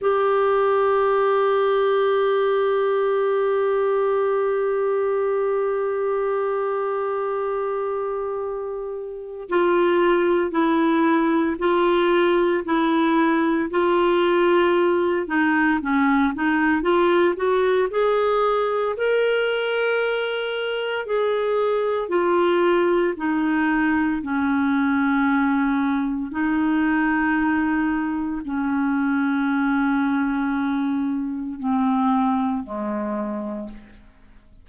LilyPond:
\new Staff \with { instrumentName = "clarinet" } { \time 4/4 \tempo 4 = 57 g'1~ | g'1~ | g'4 f'4 e'4 f'4 | e'4 f'4. dis'8 cis'8 dis'8 |
f'8 fis'8 gis'4 ais'2 | gis'4 f'4 dis'4 cis'4~ | cis'4 dis'2 cis'4~ | cis'2 c'4 gis4 | }